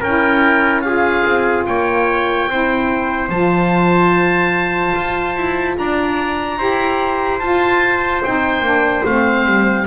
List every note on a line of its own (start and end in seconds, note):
0.00 1.24 C#4
0.00 0.84 E4
0.00 0.82 A#4
0.00 0.82 G5
0.82 2.49 F4
0.82 1.67 G#4
0.82 1.64 F5
1.25 1.66 C4
1.66 2.48 A#3
1.66 2.50 C#5
1.66 3.30 G5
2.48 3.29 C4
2.48 3.29 E4
2.48 5.79 C5
3.29 4.93 F3
3.29 6.58 F4
3.29 5.76 A5
4.95 5.36 F4
5.36 5.77 E4
5.78 6.58 D4
5.78 6.58 D5
5.78 7.40 A#5
6.58 7.40 E4
6.58 7.40 G4
6.58 9.87 C5
7.40 8.23 F4
7.40 8.24 F4
7.40 8.22 A5
8.24 8.61 C4
8.24 8.64 D#4
8.24 9.06 G5
8.61 9.02 A#3
8.61 9.05 D4
9.05 9.46 A3
9.05 9.87 C4
9.05 9.87 F5
9.46 9.87 G3